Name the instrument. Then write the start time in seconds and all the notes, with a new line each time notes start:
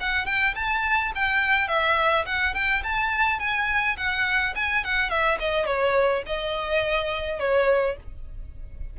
violin
0.00 F#5
0.26 G5
0.55 A5
1.15 G5
1.68 E5
2.25 F#5
2.54 G5
2.83 A5
3.39 G#5
3.97 F#5
4.55 G#5
4.84 F#5
5.09 E5
5.39 D#5
5.66 C#5
6.26 D#5
7.39 C#5